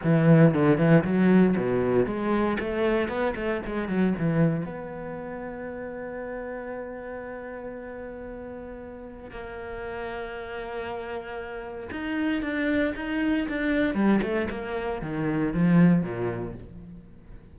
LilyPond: \new Staff \with { instrumentName = "cello" } { \time 4/4 \tempo 4 = 116 e4 d8 e8 fis4 b,4 | gis4 a4 b8 a8 gis8 fis8 | e4 b2.~ | b1~ |
b2 ais2~ | ais2. dis'4 | d'4 dis'4 d'4 g8 a8 | ais4 dis4 f4 ais,4 | }